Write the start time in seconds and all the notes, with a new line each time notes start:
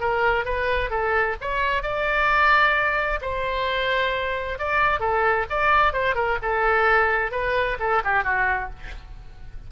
0.00 A#4
0.45 B4
0.90 A4
1.41 C#5
1.82 D5
3.21 C5
4.58 D5
5.00 A4
5.50 D5
5.93 C5
6.15 A#4
6.42 A4
7.31 B4
7.79 A4
8.04 G4
8.24 F#4